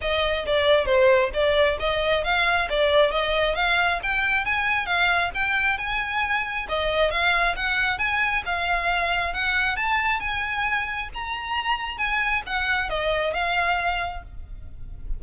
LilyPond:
\new Staff \with { instrumentName = "violin" } { \time 4/4 \tempo 4 = 135 dis''4 d''4 c''4 d''4 | dis''4 f''4 d''4 dis''4 | f''4 g''4 gis''4 f''4 | g''4 gis''2 dis''4 |
f''4 fis''4 gis''4 f''4~ | f''4 fis''4 a''4 gis''4~ | gis''4 ais''2 gis''4 | fis''4 dis''4 f''2 | }